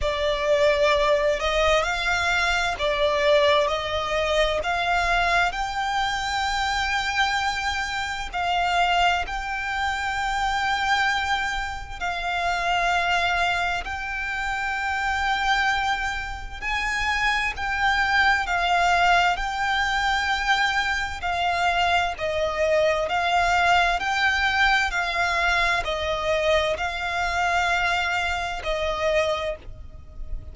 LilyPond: \new Staff \with { instrumentName = "violin" } { \time 4/4 \tempo 4 = 65 d''4. dis''8 f''4 d''4 | dis''4 f''4 g''2~ | g''4 f''4 g''2~ | g''4 f''2 g''4~ |
g''2 gis''4 g''4 | f''4 g''2 f''4 | dis''4 f''4 g''4 f''4 | dis''4 f''2 dis''4 | }